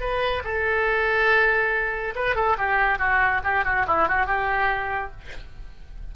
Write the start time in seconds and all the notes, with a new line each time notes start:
0.00 B4
0.44 A4
2.15 B4
2.35 A4
2.58 G4
2.98 F#4
3.44 G4
3.64 F#4
3.87 E4
4.08 F#4
4.26 G4